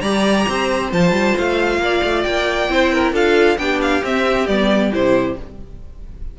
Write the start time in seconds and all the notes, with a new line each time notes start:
0.00 G3 G4 D5 A#5
0.47 C4 C5
0.92 F3 F4 A5
1.11 G3
1.38 A3 F5
1.78 A#3 D5
2.03 A3
2.23 A#3 G5
2.69 C4 E4 C5
2.93 A#4
3.12 D4 F4 A4 F5
3.57 B3 D4 G4 G5
3.81 F5
4.02 C4 E5
4.46 G3 B3 D5
4.92 C3 E4 C5